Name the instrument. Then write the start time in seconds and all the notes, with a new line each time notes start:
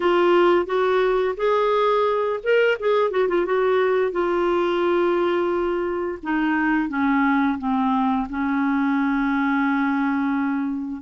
clarinet
0.00 F4
0.66 F#4
1.36 G#4
2.43 A#4
2.79 G#4
3.10 F#4
3.28 F4
3.45 F#4
4.11 F4
6.22 D#4
6.88 C#4
7.58 C4
8.29 C#4